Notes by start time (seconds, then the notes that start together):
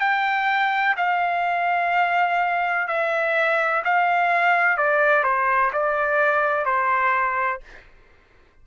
0.00 G5
0.97 F5
2.88 E5
3.84 F5
4.77 D5
5.24 C5
5.73 D5
6.65 C5